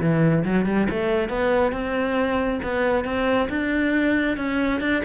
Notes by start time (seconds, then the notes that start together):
0.00 E3
0.44 F#3
0.65 G3
0.90 A3
1.29 B3
1.72 C4
2.63 B3
3.04 C4
3.49 D4
4.37 C#4
4.80 D4